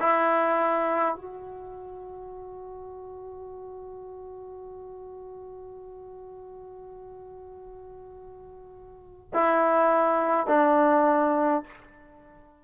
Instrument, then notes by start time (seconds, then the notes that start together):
trombone
0.00 E4
1.15 F#4
9.34 E4
10.47 D4